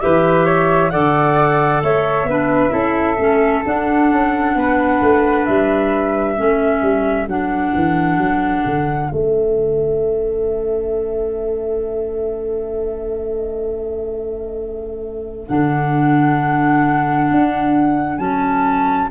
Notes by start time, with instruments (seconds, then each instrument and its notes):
0.00 tuba E3, clarinet G4, flute B4 E5
0.45 flute C#5
0.90 tuba D3, clarinet A4, flute D5 F#5
1.83 tuba A3, flute C#5 E5
2.24 tuba B3, clarinet D4, flute B4
2.70 tuba C#4, clarinet E4, flute A4
3.19 tuba A3, clarinet C#4
3.65 clarinet D4, tuba D4, flute F#5
4.12 tuba C#4
4.55 tuba B3, flute B4
5.01 tuba A3
5.45 tuba G3, flute E5
6.35 tuba A3, clarinet C#4, flute A4
6.82 tuba G3
7.27 tuba F#3, clarinet D4, flute F#5
7.75 tuba E3
8.18 tuba F#3
8.66 tuba D3
9.10 tuba A3, clarinet C#4, flute E5
15.48 tuba D3, clarinet D4, flute F#5
17.31 tuba D4
18.18 tuba F#3, clarinet C#4, flute A5